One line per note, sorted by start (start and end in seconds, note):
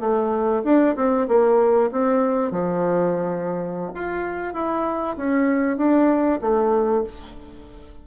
0.00 0.62 A3
0.64 0.95 D4
0.96 1.27 C4
1.28 1.90 A#3
1.92 2.51 C4
2.51 3.92 F3
3.95 4.54 F4
4.54 5.16 E4
5.17 5.77 C#4
5.77 6.40 D4
6.41 7.04 A3